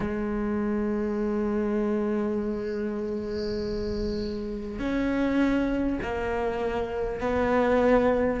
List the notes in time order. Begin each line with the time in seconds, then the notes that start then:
0.00 G#3
4.79 C#4
6.02 A#3
7.20 B3